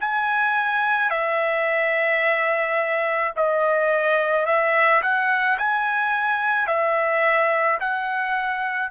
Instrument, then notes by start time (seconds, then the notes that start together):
trumpet
0.00 G#5
1.10 E5
3.36 D#5
4.45 E5
5.02 F#5
5.58 G#5
6.67 E5
7.80 F#5